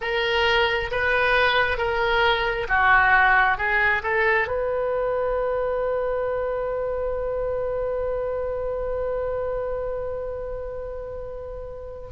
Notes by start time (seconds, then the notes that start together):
0.01 A#4
0.91 B4
1.77 A#4
2.68 F#4
3.57 G#4
4.02 A4
4.47 B4